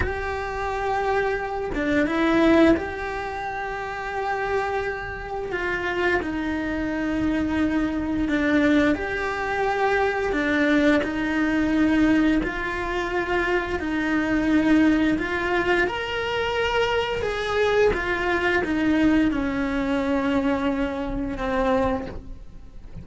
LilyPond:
\new Staff \with { instrumentName = "cello" } { \time 4/4 \tempo 4 = 87 g'2~ g'8 d'8 e'4 | g'1 | f'4 dis'2. | d'4 g'2 d'4 |
dis'2 f'2 | dis'2 f'4 ais'4~ | ais'4 gis'4 f'4 dis'4 | cis'2. c'4 | }